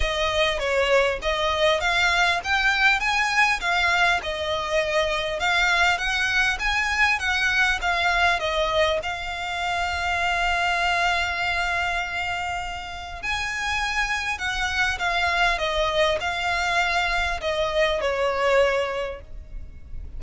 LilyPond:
\new Staff \with { instrumentName = "violin" } { \time 4/4 \tempo 4 = 100 dis''4 cis''4 dis''4 f''4 | g''4 gis''4 f''4 dis''4~ | dis''4 f''4 fis''4 gis''4 | fis''4 f''4 dis''4 f''4~ |
f''1~ | f''2 gis''2 | fis''4 f''4 dis''4 f''4~ | f''4 dis''4 cis''2 | }